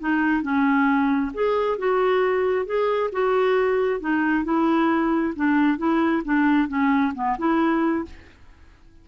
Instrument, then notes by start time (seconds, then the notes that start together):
clarinet
0.00 D#4
0.42 C#4
1.34 G#4
1.78 F#4
2.66 G#4
3.12 F#4
4.00 D#4
4.45 E4
5.36 D4
5.78 E4
6.25 D4
6.68 C#4
7.15 B3
7.38 E4